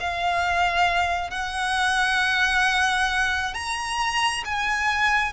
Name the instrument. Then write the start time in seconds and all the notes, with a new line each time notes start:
violin
0.00 F5
1.31 F#5
3.54 A#5
4.45 G#5